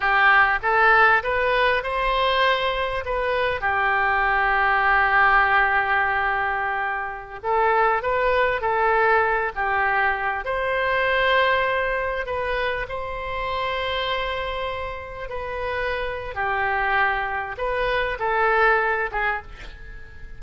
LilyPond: \new Staff \with { instrumentName = "oboe" } { \time 4/4 \tempo 4 = 99 g'4 a'4 b'4 c''4~ | c''4 b'4 g'2~ | g'1~ | g'16 a'4 b'4 a'4. g'16~ |
g'4~ g'16 c''2~ c''8.~ | c''16 b'4 c''2~ c''8.~ | c''4~ c''16 b'4.~ b'16 g'4~ | g'4 b'4 a'4. gis'8 | }